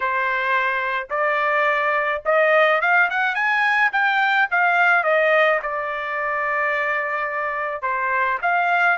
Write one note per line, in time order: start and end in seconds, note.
0.00 1.08 C5
1.10 2.22 D5
2.25 2.81 D#5
2.81 3.09 F5
3.10 3.34 F#5
3.34 3.90 G#5
3.92 4.48 G5
4.50 5.03 F5
5.03 5.59 D#5
5.62 7.82 D5
7.82 8.38 C5
8.42 8.97 F5